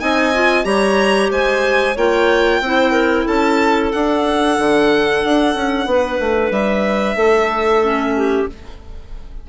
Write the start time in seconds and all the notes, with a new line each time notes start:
0.00 C4 D#4 D#5 G#5
0.35 F4
0.64 G3 G4 C#5 A#5
1.31 G#3 C5 G#5
1.95 A#3 F4 C#5 G5
2.61 C4 E4 C5
2.92 A#4
3.26 C#4 A4 A5
3.92 D4 F#5
4.58 D3
5.24 D4
5.55 C#4
5.86 B3 B4
6.20 A3
6.51 G3 E5
7.16 A3 A4
7.83 C#4
8.17 G4